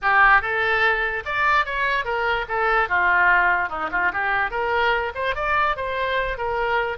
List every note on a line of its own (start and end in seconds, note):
0.02 0.41 G4
0.41 1.23 A4
1.25 1.65 D5
1.65 2.04 C#5
2.04 2.45 A#4
2.48 2.88 A4
2.88 3.69 F4
3.69 3.89 D#4
3.91 4.12 F4
4.12 4.50 G4
4.50 5.12 A#4
5.14 5.35 C5
5.35 5.76 D5
5.76 6.37 C5
6.37 6.97 A#4